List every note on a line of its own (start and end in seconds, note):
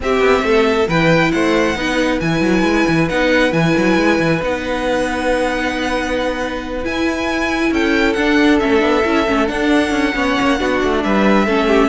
0.00 0.86 C4
0.00 0.19 C4
0.00 0.45 G4
0.00 0.89 E5
0.19 0.41 B3
0.42 0.86 A3
0.42 0.87 A4
0.87 1.32 E3
0.87 1.75 E4
0.87 1.32 B4
0.87 1.31 G5
1.31 1.75 A3
1.31 1.77 C5
1.31 2.19 F#5
1.75 2.19 B3
1.75 2.20 D#4
1.75 7.72 B4
2.20 2.40 E3
2.20 3.09 E4
2.20 3.08 G#5
2.40 2.62 F#3
2.62 2.85 G#3
2.88 3.10 E3
3.09 3.52 B3
3.09 3.51 D#4
3.09 3.52 F#5
3.51 3.74 E3
3.51 4.39 E4
3.51 4.41 G#5
3.77 3.97 F#3
3.97 4.19 G#3
4.19 4.41 E3
4.42 6.85 B3
4.42 6.83 D#4
4.42 6.85 F#5
6.83 8.16 E4
6.83 7.71 E4
6.83 7.73 G#5
7.71 8.15 C#4
7.71 10.15 A4
7.71 8.13 G5
8.13 8.60 D4
8.13 8.61 D4
8.13 8.57 F#5
8.59 8.81 A3
8.59 8.78 C#4
8.59 9.47 E5
8.78 9.03 B3
8.78 9.00 D4
9.05 9.27 C#4
9.05 9.26 E4
9.26 9.49 A3
9.26 9.46 C#4
9.46 10.12 D4
9.46 9.91 D4
9.46 11.01 F#5
9.91 10.13 C#4
10.14 10.36 B3
10.14 10.58 C#4
10.14 10.59 C#5
10.41 10.60 A#3
10.58 10.82 B3
10.58 11.46 D4
10.58 11.03 F#4
10.83 11.04 A3
11.03 11.47 G3
11.03 11.45 B4
11.03 11.88 E5
11.45 11.88 A3
11.45 11.88 C#4
11.45 11.67 A4
11.67 11.88 G4